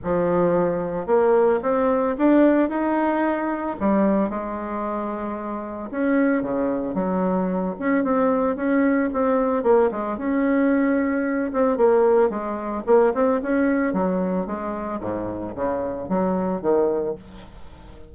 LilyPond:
\new Staff \with { instrumentName = "bassoon" } { \time 4/4 \tempo 4 = 112 f2 ais4 c'4 | d'4 dis'2 g4 | gis2. cis'4 | cis4 fis4. cis'8 c'4 |
cis'4 c'4 ais8 gis8 cis'4~ | cis'4. c'8 ais4 gis4 | ais8 c'8 cis'4 fis4 gis4 | gis,4 cis4 fis4 dis4 | }